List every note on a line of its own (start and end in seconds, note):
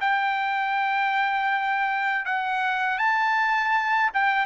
0.00 2.25 G5
2.25 2.98 F#5
2.98 4.10 A5
4.13 4.46 G5